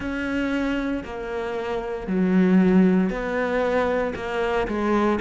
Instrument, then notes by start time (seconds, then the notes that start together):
cello
0.00 C#4
1.04 A#3
2.07 F#3
3.10 B3
4.15 A#3
4.67 G#3